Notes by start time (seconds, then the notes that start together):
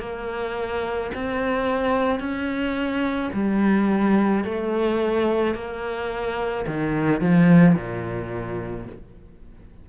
0.00 A#3
1.15 C4
2.20 C#4
3.34 G3
4.45 A3
5.55 A#3
6.67 D#3
7.21 F3
7.76 A#2